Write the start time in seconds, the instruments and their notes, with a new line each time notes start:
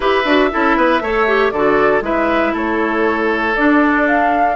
0.00 bassoon E4, clarinet G4, oboe B4, flute E5
0.25 bassoon D4, clarinet F#4
0.51 bassoon C#4, clarinet E4, oboe A4
0.76 bassoon B3, oboe B4
1.01 bassoon A3, clarinet A4, oboe C#5
1.27 clarinet G4
1.51 bassoon D3, clarinet F#4, oboe A4, flute D5
2.01 bassoon G#3, clarinet E4, oboe B4, flute E5
2.53 bassoon A3, oboe A4, flute C#5
3.56 clarinet D4, bassoon D4, flute D5
4.07 flute F5